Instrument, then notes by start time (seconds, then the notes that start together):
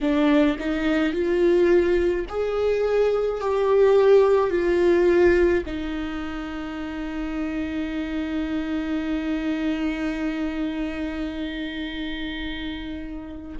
viola
0.00 D4
0.58 D#4
1.13 F4
2.28 G#4
3.40 G4
4.50 F4
5.66 D#4